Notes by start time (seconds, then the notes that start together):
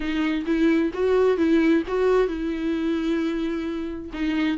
0.00 D#4
0.45 E4
0.93 F#4
1.37 E4
1.87 F#4
2.27 E4
4.13 D#4